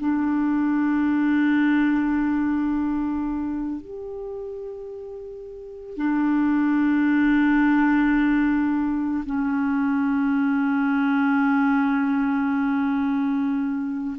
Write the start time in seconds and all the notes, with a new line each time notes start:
0.00 D4
3.81 G4
5.97 D4
9.26 C#4